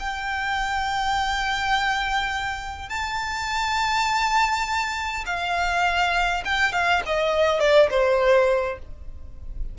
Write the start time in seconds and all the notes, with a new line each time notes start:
0.00 G5
2.89 A5
5.26 F5
6.45 G5
6.73 F5
7.06 D#5
7.60 D5
7.91 C5